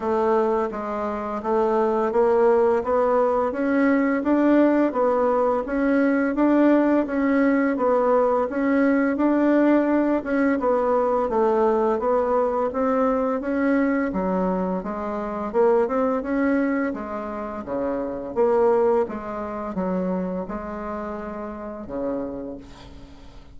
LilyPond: \new Staff \with { instrumentName = "bassoon" } { \time 4/4 \tempo 4 = 85 a4 gis4 a4 ais4 | b4 cis'4 d'4 b4 | cis'4 d'4 cis'4 b4 | cis'4 d'4. cis'8 b4 |
a4 b4 c'4 cis'4 | fis4 gis4 ais8 c'8 cis'4 | gis4 cis4 ais4 gis4 | fis4 gis2 cis4 | }